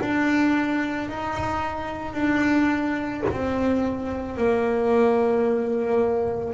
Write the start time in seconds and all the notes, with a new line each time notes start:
0.00 D4
1.09 D#4
2.13 D4
3.30 C4
4.36 A#3